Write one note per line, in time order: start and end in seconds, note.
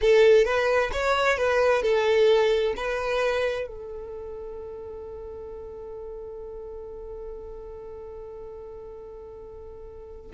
0.01 0.45 A4
0.45 0.90 B4
0.92 1.37 C#5
1.37 1.82 B4
1.82 2.74 A4
2.76 3.67 B4
3.67 10.31 A4